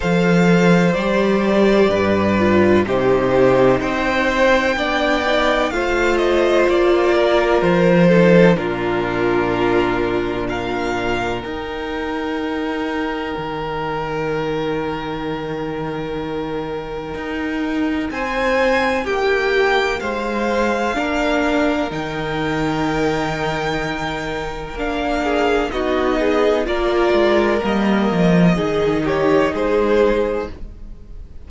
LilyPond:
<<
  \new Staff \with { instrumentName = "violin" } { \time 4/4 \tempo 4 = 63 f''4 d''2 c''4 | g''2 f''8 dis''8 d''4 | c''4 ais'2 f''4 | g''1~ |
g''2. gis''4 | g''4 f''2 g''4~ | g''2 f''4 dis''4 | d''4 dis''4. cis''8 c''4 | }
  \new Staff \with { instrumentName = "violin" } { \time 4/4 c''2 b'4 g'4 | c''4 d''4 c''4. ais'8~ | ais'8 a'8 f'2 ais'4~ | ais'1~ |
ais'2. c''4 | g'4 c''4 ais'2~ | ais'2~ ais'8 gis'8 fis'8 gis'8 | ais'2 gis'8 g'8 gis'4 | }
  \new Staff \with { instrumentName = "viola" } { \time 4/4 a'4 g'4. f'8 dis'4~ | dis'4 d'8 dis'8 f'2~ | f'8 dis'8 d'2. | dis'1~ |
dis'1~ | dis'2 d'4 dis'4~ | dis'2 d'4 dis'4 | f'4 ais4 dis'2 | }
  \new Staff \with { instrumentName = "cello" } { \time 4/4 f4 g4 g,4 c4 | c'4 b4 a4 ais4 | f4 ais,2. | dis'2 dis2~ |
dis2 dis'4 c'4 | ais4 gis4 ais4 dis4~ | dis2 ais4 b4 | ais8 gis8 g8 f8 dis4 gis4 | }
>>